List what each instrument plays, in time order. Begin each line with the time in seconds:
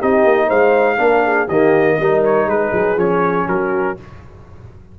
0.00 tuba C4, trombone D#4, horn G4, trumpet D#5
0.25 tuba A#3
0.48 tuba G#3, horn C5, trumpet F5
0.98 tuba A#3, trombone D4, horn A#4
1.26 horn G#4
1.48 tuba D#3, trombone A#3, horn G4, trumpet D#5
2.00 tuba G3, trombone D#4, horn A#4
2.25 trumpet C#5
2.47 tuba G#3, horn G#4, trumpet B4
2.73 tuba F#3
2.97 tuba F3, trombone C#4, trumpet C#5
3.48 tuba F#3, horn F#4, trumpet A#4